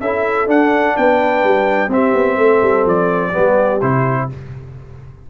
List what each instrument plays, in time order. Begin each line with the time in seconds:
0.00 tuba C#4, trombone E4, horn A4, trumpet E5
0.47 tuba D4, trombone D4, trumpet F#5
0.95 tuba B3, horn B4, trumpet G5
1.44 tuba G3
1.88 tuba C4, trombone C4, horn G4, trumpet E5
2.13 tuba B3
2.37 tuba A3, horn A4
2.62 tuba G3
2.85 tuba F3, trumpet D5
3.31 tuba G3, trombone B3, horn G4
3.81 tuba C3, trombone E4, trumpet C5